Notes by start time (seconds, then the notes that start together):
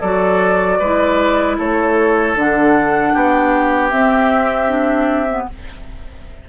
0.00 F#3 F#4 A4 D5
0.79 G#3 E4 B4
1.58 A3 A4 C#5
2.35 D3 D4 F#5
3.13 B3 G4
3.89 C4 E5
4.68 D4
5.29 B3